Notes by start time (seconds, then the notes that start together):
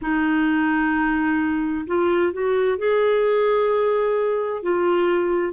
0.01 D#4
1.87 F4
2.32 F#4
2.77 G#4
4.62 F4